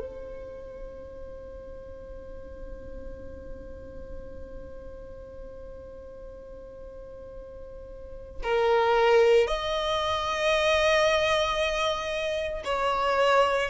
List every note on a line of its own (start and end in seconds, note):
0.00 8.42 C5
8.44 9.48 A#4
9.48 12.64 D#5
12.65 13.70 C#5